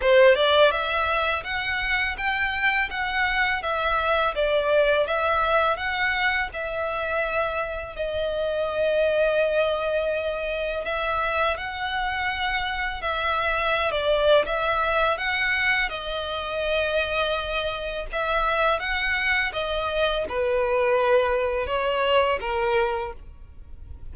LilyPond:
\new Staff \with { instrumentName = "violin" } { \time 4/4 \tempo 4 = 83 c''8 d''8 e''4 fis''4 g''4 | fis''4 e''4 d''4 e''4 | fis''4 e''2 dis''4~ | dis''2. e''4 |
fis''2 e''4~ e''16 d''8. | e''4 fis''4 dis''2~ | dis''4 e''4 fis''4 dis''4 | b'2 cis''4 ais'4 | }